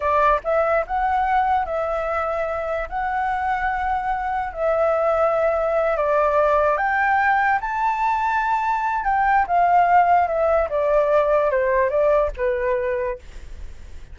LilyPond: \new Staff \with { instrumentName = "flute" } { \time 4/4 \tempo 4 = 146 d''4 e''4 fis''2 | e''2. fis''4~ | fis''2. e''4~ | e''2~ e''8 d''4.~ |
d''8 g''2 a''4.~ | a''2 g''4 f''4~ | f''4 e''4 d''2 | c''4 d''4 b'2 | }